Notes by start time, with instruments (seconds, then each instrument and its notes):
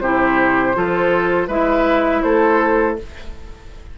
0.00 bassoon C3, clarinet E4, oboe G4, flute C5
0.74 bassoon F3, clarinet F4, oboe A4
1.47 bassoon G#3, clarinet E4, oboe B4, flute E5
2.22 bassoon A3, oboe A4, flute C5